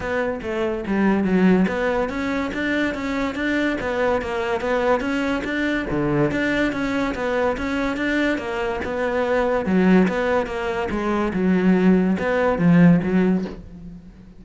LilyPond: \new Staff \with { instrumentName = "cello" } { \time 4/4 \tempo 4 = 143 b4 a4 g4 fis4 | b4 cis'4 d'4 cis'4 | d'4 b4 ais4 b4 | cis'4 d'4 d4 d'4 |
cis'4 b4 cis'4 d'4 | ais4 b2 fis4 | b4 ais4 gis4 fis4~ | fis4 b4 f4 fis4 | }